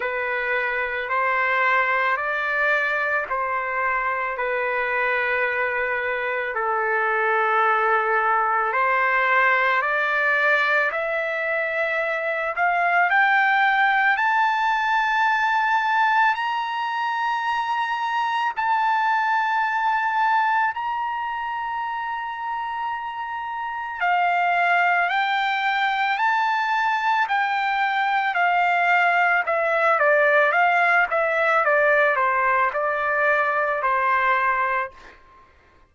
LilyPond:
\new Staff \with { instrumentName = "trumpet" } { \time 4/4 \tempo 4 = 55 b'4 c''4 d''4 c''4 | b'2 a'2 | c''4 d''4 e''4. f''8 | g''4 a''2 ais''4~ |
ais''4 a''2 ais''4~ | ais''2 f''4 g''4 | a''4 g''4 f''4 e''8 d''8 | f''8 e''8 d''8 c''8 d''4 c''4 | }